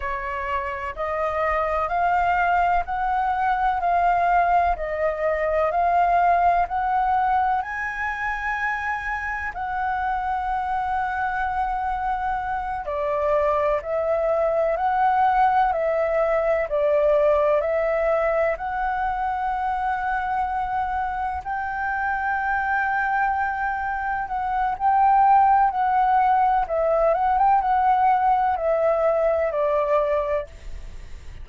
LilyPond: \new Staff \with { instrumentName = "flute" } { \time 4/4 \tempo 4 = 63 cis''4 dis''4 f''4 fis''4 | f''4 dis''4 f''4 fis''4 | gis''2 fis''2~ | fis''4. d''4 e''4 fis''8~ |
fis''8 e''4 d''4 e''4 fis''8~ | fis''2~ fis''8 g''4.~ | g''4. fis''8 g''4 fis''4 | e''8 fis''16 g''16 fis''4 e''4 d''4 | }